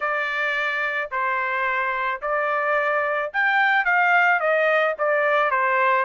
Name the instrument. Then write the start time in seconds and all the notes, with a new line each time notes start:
trumpet
0.00 D5
1.11 C5
2.21 D5
3.33 G5
3.84 F5
4.39 D#5
4.98 D5
5.50 C5